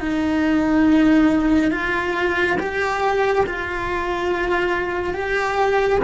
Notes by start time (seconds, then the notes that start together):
0.00 D#4
1.71 F4
2.59 G4
3.46 F4
5.14 G4